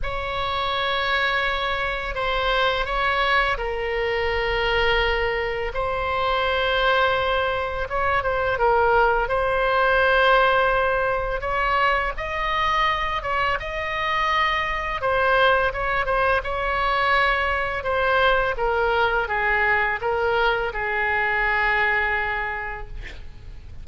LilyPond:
\new Staff \with { instrumentName = "oboe" } { \time 4/4 \tempo 4 = 84 cis''2. c''4 | cis''4 ais'2. | c''2. cis''8 c''8 | ais'4 c''2. |
cis''4 dis''4. cis''8 dis''4~ | dis''4 c''4 cis''8 c''8 cis''4~ | cis''4 c''4 ais'4 gis'4 | ais'4 gis'2. | }